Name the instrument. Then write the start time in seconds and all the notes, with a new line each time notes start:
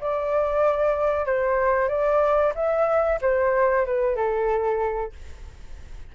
flute
0.00 D5
1.26 C5
1.88 D5
2.55 E5
3.21 C5
3.85 B4
4.16 A4